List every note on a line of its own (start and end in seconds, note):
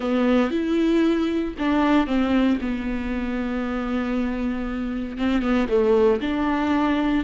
0.00 0.51 B3
0.51 1.54 E4
1.58 2.07 D4
2.07 2.58 C4
2.61 5.17 B3
5.17 5.42 C4
5.42 5.68 B3
5.68 6.20 A3
6.21 7.24 D4